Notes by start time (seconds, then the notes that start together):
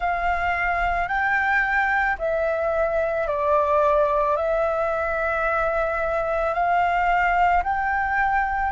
0.00 F5
1.08 G5
2.18 E5
3.27 D5
4.36 E5
6.54 F5
7.63 G5